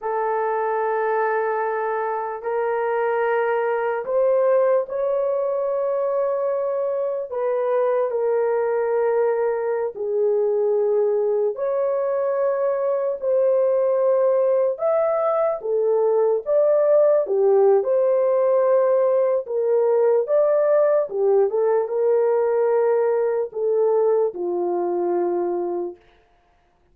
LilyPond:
\new Staff \with { instrumentName = "horn" } { \time 4/4 \tempo 4 = 74 a'2. ais'4~ | ais'4 c''4 cis''2~ | cis''4 b'4 ais'2~ | ais'16 gis'2 cis''4.~ cis''16~ |
cis''16 c''2 e''4 a'8.~ | a'16 d''4 g'8. c''2 | ais'4 d''4 g'8 a'8 ais'4~ | ais'4 a'4 f'2 | }